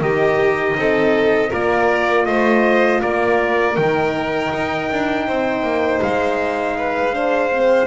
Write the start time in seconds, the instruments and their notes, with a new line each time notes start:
0.00 double bass D#3, horn D#4, violin G4, trumpet D#5
0.77 double bass C4, violin A4
1.50 double bass A#3, horn F4, violin A#4, trumpet D5
2.26 double bass A3, violin C5, trumpet D#5
3.01 double bass A#3, violin A#4, trumpet D5
3.76 double bass D#3, horn D#4, trumpet G5
4.54 double bass D#4
4.91 double bass D4
5.27 double bass C4, violin C5
5.63 double bass A#3
6.02 double bass G#3, trumpet F5
6.78 violin B4
7.13 horn D4, violin C5
7.53 horn C4